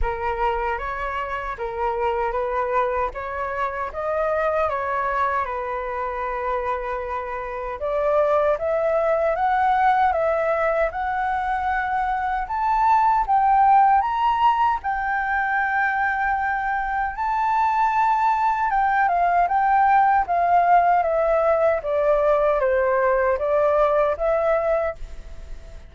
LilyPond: \new Staff \with { instrumentName = "flute" } { \time 4/4 \tempo 4 = 77 ais'4 cis''4 ais'4 b'4 | cis''4 dis''4 cis''4 b'4~ | b'2 d''4 e''4 | fis''4 e''4 fis''2 |
a''4 g''4 ais''4 g''4~ | g''2 a''2 | g''8 f''8 g''4 f''4 e''4 | d''4 c''4 d''4 e''4 | }